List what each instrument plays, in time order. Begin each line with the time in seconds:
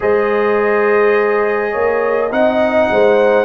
0.00 tuba G#3, trombone G#4, horn C5, trumpet D#5
1.71 tuba A#3, horn C#5
2.31 tuba C4, trombone D#4, horn D#5, trumpet F#5
2.90 tuba G#3, horn C5